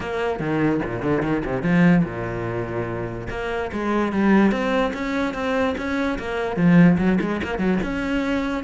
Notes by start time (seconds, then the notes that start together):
0.00 A#3
0.39 D#3
0.84 A#2
1.02 D3
1.22 D#3
1.45 C3
1.62 F3
2.04 A#2
3.30 A#3
3.72 G#3
4.12 G3
4.51 C4
4.93 C#4
5.34 C4
5.77 C#4
6.18 A#3
6.56 F3
6.98 F#3
7.20 G#3
7.43 A#3
7.58 F#3
7.83 C#4